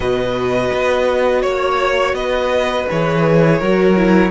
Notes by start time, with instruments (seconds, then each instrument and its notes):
0.00 cello B2, viola F#4, violin B4 D#5
0.72 cello B3
1.42 cello A#3, violin C#5
2.13 cello B3, violin B4 D#5
2.89 cello E3, viola G#4, violin C#5
3.59 cello F#3, viola F#4, violin A#4
3.96 viola E4